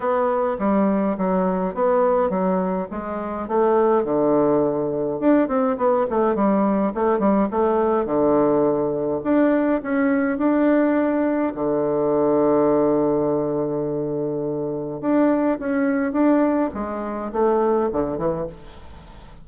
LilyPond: \new Staff \with { instrumentName = "bassoon" } { \time 4/4 \tempo 4 = 104 b4 g4 fis4 b4 | fis4 gis4 a4 d4~ | d4 d'8 c'8 b8 a8 g4 | a8 g8 a4 d2 |
d'4 cis'4 d'2 | d1~ | d2 d'4 cis'4 | d'4 gis4 a4 d8 e8 | }